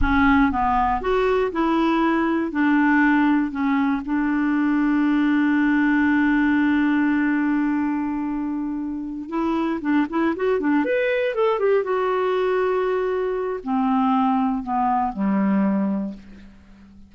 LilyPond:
\new Staff \with { instrumentName = "clarinet" } { \time 4/4 \tempo 4 = 119 cis'4 b4 fis'4 e'4~ | e'4 d'2 cis'4 | d'1~ | d'1~ |
d'2~ d'8 e'4 d'8 | e'8 fis'8 d'8 b'4 a'8 g'8 fis'8~ | fis'2. c'4~ | c'4 b4 g2 | }